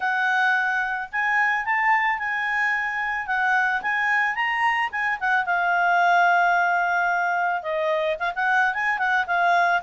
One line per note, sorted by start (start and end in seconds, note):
0.00 1.09 F#5
1.12 1.65 G#5
1.65 2.18 A5
2.18 3.27 G#5
3.27 3.81 F#5
3.82 4.35 G#5
4.35 4.89 A#5
4.91 5.18 G#5
5.20 5.45 F#5
5.45 7.62 F5
7.62 8.17 D#5
8.19 8.33 F5
8.35 8.73 F#5
8.73 8.98 G#5
8.98 9.25 F#5
9.27 9.81 F5